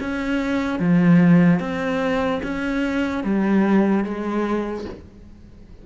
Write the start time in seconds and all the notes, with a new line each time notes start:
0.00 C#4
0.79 F3
1.60 C4
2.43 C#4
3.24 G3
4.04 G#3